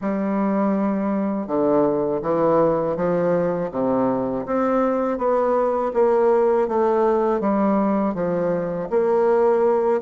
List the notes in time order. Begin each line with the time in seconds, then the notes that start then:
0.01 G3
1.47 D3
2.22 E3
2.96 F3
3.71 C3
4.45 C4
5.18 B3
5.93 A#3
6.68 A3
7.40 G3
8.14 F3
8.90 A#3